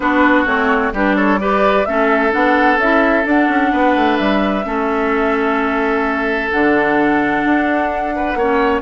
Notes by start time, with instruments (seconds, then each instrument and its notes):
0.00 bassoon B3, clarinet D4, oboe F#4, flute B4
0.46 bassoon A3, clarinet C4, flute C#5
0.92 bassoon G3, clarinet D4, oboe G4, flute B4
1.16 oboe A4, flute C#5
1.38 clarinet G4, oboe B4, flute D5
1.85 bassoon A3, clarinet C#4, oboe A4, flute E5
2.31 bassoon B3, clarinet D4, flute F#5
2.77 bassoon C#4, clarinet E4, flute E5
3.23 clarinet D4, bassoon D4, flute F#5
3.48 bassoon C#4
3.72 bassoon B3, oboe B4
3.95 bassoon A3
4.17 bassoon G3, flute E5
4.64 bassoon A3, clarinet C#4, oboe A4
6.51 bassoon D3, clarinet D4, flute F#5
7.44 bassoon D4
8.15 oboe B4
8.35 bassoon A#3, clarinet C#4, oboe C#5